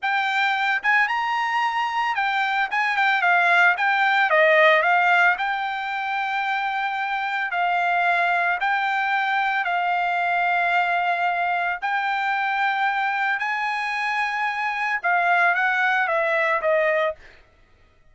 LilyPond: \new Staff \with { instrumentName = "trumpet" } { \time 4/4 \tempo 4 = 112 g''4. gis''8 ais''2 | g''4 gis''8 g''8 f''4 g''4 | dis''4 f''4 g''2~ | g''2 f''2 |
g''2 f''2~ | f''2 g''2~ | g''4 gis''2. | f''4 fis''4 e''4 dis''4 | }